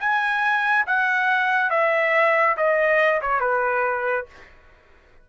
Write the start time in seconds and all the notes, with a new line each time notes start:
0.00 G#5
0.87 F#5
1.71 E5
2.57 D#5
3.22 C#5
3.41 B4